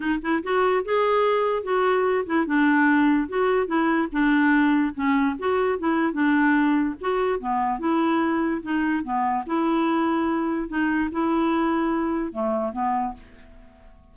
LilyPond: \new Staff \with { instrumentName = "clarinet" } { \time 4/4 \tempo 4 = 146 dis'8 e'8 fis'4 gis'2 | fis'4. e'8 d'2 | fis'4 e'4 d'2 | cis'4 fis'4 e'4 d'4~ |
d'4 fis'4 b4 e'4~ | e'4 dis'4 b4 e'4~ | e'2 dis'4 e'4~ | e'2 a4 b4 | }